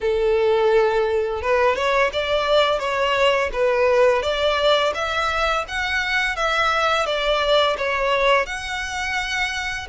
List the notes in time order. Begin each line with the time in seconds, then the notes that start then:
0.00 A4
1.42 B4
1.75 C#5
2.12 D5
2.79 C#5
3.53 B4
4.22 D5
4.94 E5
5.68 F#5
6.36 E5
7.06 D5
7.77 C#5
8.45 F#5